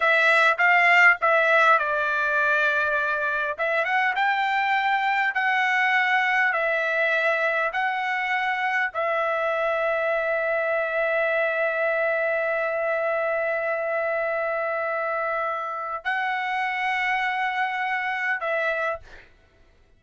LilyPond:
\new Staff \with { instrumentName = "trumpet" } { \time 4/4 \tempo 4 = 101 e''4 f''4 e''4 d''4~ | d''2 e''8 fis''8 g''4~ | g''4 fis''2 e''4~ | e''4 fis''2 e''4~ |
e''1~ | e''1~ | e''2. fis''4~ | fis''2. e''4 | }